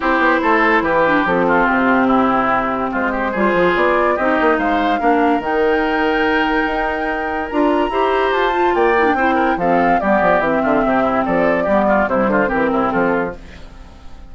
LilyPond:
<<
  \new Staff \with { instrumentName = "flute" } { \time 4/4 \tempo 4 = 144 c''2 b'4 a'4 | g'2. c''4~ | c''4 d''4 dis''4 f''4~ | f''4 g''2.~ |
g''2 ais''2 | a''4 g''2 f''4 | d''4 e''2 d''4~ | d''4 c''4 ais'4 a'4 | }
  \new Staff \with { instrumentName = "oboe" } { \time 4/4 g'4 a'4 g'4. f'8~ | f'4 e'2 f'8 g'8 | gis'2 g'4 c''4 | ais'1~ |
ais'2. c''4~ | c''4 d''4 c''8 ais'8 a'4 | g'4. f'8 g'8 e'8 a'4 | g'8 f'8 e'8 f'8 g'8 e'8 f'4 | }
  \new Staff \with { instrumentName = "clarinet" } { \time 4/4 e'2~ e'8 d'8 c'4~ | c'1 | f'2 dis'2 | d'4 dis'2.~ |
dis'2 f'4 g'4~ | g'8 f'4 e'16 d'16 e'4 c'4 | b4 c'2. | b4 g4 c'2 | }
  \new Staff \with { instrumentName = "bassoon" } { \time 4/4 c'8 b8 a4 e4 f4 | c2. gis4 | g8 f8 b4 c'8 ais8 gis4 | ais4 dis2. |
dis'2 d'4 e'4 | f'4 ais4 c'4 f4 | g8 f8 e8 d8 c4 f4 | g4 c8 d8 e8 c8 f4 | }
>>